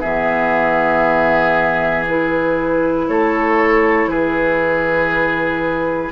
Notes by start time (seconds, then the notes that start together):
0.00 E3 B3 G#4 E5
2.07 E4 B4
3.08 A3 A4 C#5
4.06 E3 G#4 B4